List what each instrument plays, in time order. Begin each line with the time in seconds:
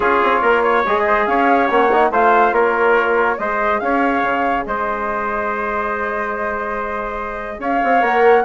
0.00 bassoon C#4, trombone F4, trumpet G#4, flute C#5
0.23 bassoon C4
0.41 bassoon A#3, trumpet A#4
0.62 trumpet C#5
0.84 bassoon G#3, trombone G#4, flute D#5
1.06 trumpet C5
1.26 bassoon C#4, trumpet C#5, flute F5
1.68 bassoon A#3, trombone C#4, flute F#5
1.91 trombone D#4
2.10 bassoon A3, trombone F4, trumpet C5, flute F5
2.51 bassoon A#3, trumpet A#4, flute C#5
3.37 bassoon G#3, trombone G#4, trumpet C5, flute D#5
3.79 bassoon C#4, trumpet C#5, flute F5
4.23 bassoon C#3
4.65 bassoon G#3, trumpet C5, flute D#5
7.58 bassoon C#4, trumpet C#5, flute F5
7.83 bassoon C4
8.01 bassoon A#3, trombone A#4, flute F#5